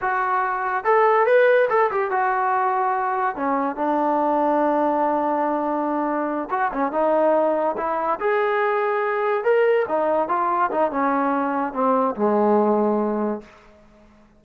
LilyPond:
\new Staff \with { instrumentName = "trombone" } { \time 4/4 \tempo 4 = 143 fis'2 a'4 b'4 | a'8 g'8 fis'2. | cis'4 d'2.~ | d'2.~ d'8 fis'8 |
cis'8 dis'2 e'4 gis'8~ | gis'2~ gis'8 ais'4 dis'8~ | dis'8 f'4 dis'8 cis'2 | c'4 gis2. | }